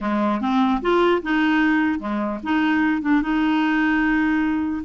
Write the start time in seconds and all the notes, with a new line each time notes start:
0.01 G#3
0.40 C4
0.81 F4
1.22 D#4
1.99 G#3
2.43 D#4
3.01 D4
3.22 D#4